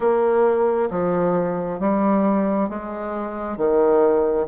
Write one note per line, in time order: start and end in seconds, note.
0.00 0.90 A#3
0.90 1.79 F3
1.79 2.69 G3
2.69 3.57 G#3
3.57 4.46 D#3